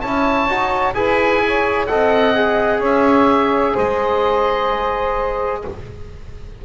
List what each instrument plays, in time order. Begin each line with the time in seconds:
0.00 double bass C#4, trombone E4, saxophone C#5, oboe A5
0.46 double bass D#4, trombone F#4
0.94 double bass E4, trombone G#4, saxophone B4, oboe G#5
1.46 saxophone C#5
1.86 double bass C4, trombone A4, saxophone D#5, oboe F#5
2.34 trombone G#4
2.79 double bass C#4, saxophone C#5, oboe E5
3.73 double bass G#3, saxophone C5, oboe D#5